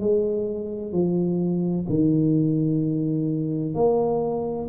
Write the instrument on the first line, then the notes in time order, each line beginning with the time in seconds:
tuba
0.00 G#3
0.92 F3
1.89 D#3
3.75 A#3